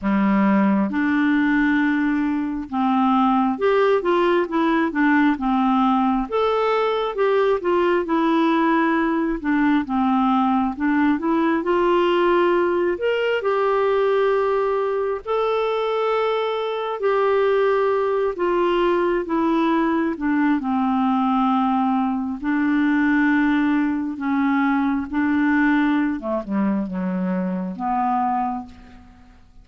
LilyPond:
\new Staff \with { instrumentName = "clarinet" } { \time 4/4 \tempo 4 = 67 g4 d'2 c'4 | g'8 f'8 e'8 d'8 c'4 a'4 | g'8 f'8 e'4. d'8 c'4 | d'8 e'8 f'4. ais'8 g'4~ |
g'4 a'2 g'4~ | g'8 f'4 e'4 d'8 c'4~ | c'4 d'2 cis'4 | d'4~ d'16 a16 g8 fis4 b4 | }